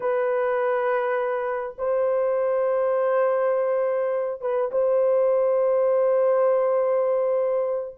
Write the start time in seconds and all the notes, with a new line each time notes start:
0.00 B4
1.78 C5
4.41 B4
4.71 C5